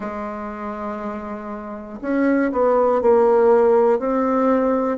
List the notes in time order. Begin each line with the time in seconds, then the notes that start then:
0.00 G#3
2.01 C#4
2.52 B3
3.01 A#3
3.99 C4